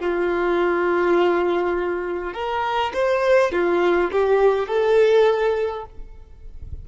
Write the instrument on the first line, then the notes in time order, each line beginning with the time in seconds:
violin
0.00 F4
2.34 A#4
2.94 C5
3.52 F4
4.12 G4
4.67 A4